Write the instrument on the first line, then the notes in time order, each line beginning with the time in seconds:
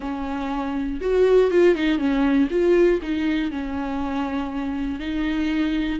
viola
0.00 C#4
1.00 F#4
1.50 F4
1.75 D#4
1.98 C#4
2.50 F4
3.01 D#4
3.51 C#4
4.99 D#4